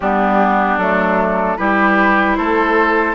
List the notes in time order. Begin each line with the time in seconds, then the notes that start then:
0.00 G3 B3 D4 G4
0.77 F#3 A3 A4
1.57 G3 E4 G4 B4
2.35 A3 A4 C5